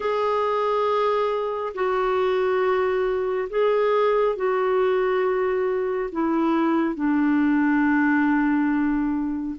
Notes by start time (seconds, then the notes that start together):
0.00 G#4
1.74 F#4
3.49 G#4
4.36 F#4
6.11 E4
6.94 D4